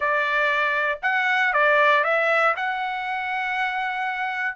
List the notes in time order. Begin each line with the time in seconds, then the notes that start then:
0.00 D5
1.02 F#5
1.53 D5
2.03 E5
2.56 F#5